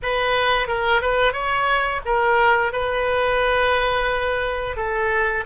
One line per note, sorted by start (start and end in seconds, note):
0.02 0.67 B4
0.67 1.01 A#4
1.01 1.32 B4
1.32 2.01 C#5
2.05 2.72 A#4
2.72 4.76 B4
4.76 5.44 A4